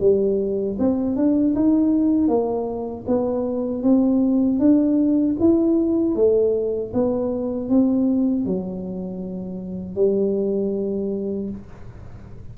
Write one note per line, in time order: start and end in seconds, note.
0.00 0.77 G3
0.79 1.16 C4
1.16 1.54 D4
1.55 2.28 D#4
2.28 3.05 A#3
3.07 3.83 B3
3.83 4.59 C4
4.59 5.36 D4
5.40 6.15 E4
6.15 6.92 A3
6.93 7.69 B3
7.69 8.46 C4
8.46 9.95 F#3
9.95 11.49 G3